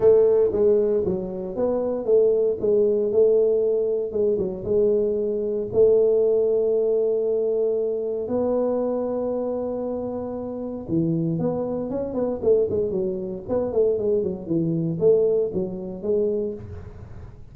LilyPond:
\new Staff \with { instrumentName = "tuba" } { \time 4/4 \tempo 4 = 116 a4 gis4 fis4 b4 | a4 gis4 a2 | gis8 fis8 gis2 a4~ | a1 |
b1~ | b4 e4 b4 cis'8 b8 | a8 gis8 fis4 b8 a8 gis8 fis8 | e4 a4 fis4 gis4 | }